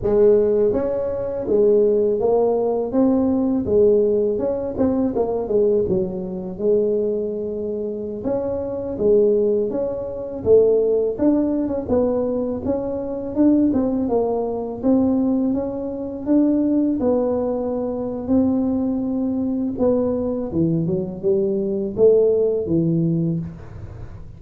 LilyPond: \new Staff \with { instrumentName = "tuba" } { \time 4/4 \tempo 4 = 82 gis4 cis'4 gis4 ais4 | c'4 gis4 cis'8 c'8 ais8 gis8 | fis4 gis2~ gis16 cis'8.~ | cis'16 gis4 cis'4 a4 d'8. |
cis'16 b4 cis'4 d'8 c'8 ais8.~ | ais16 c'4 cis'4 d'4 b8.~ | b4 c'2 b4 | e8 fis8 g4 a4 e4 | }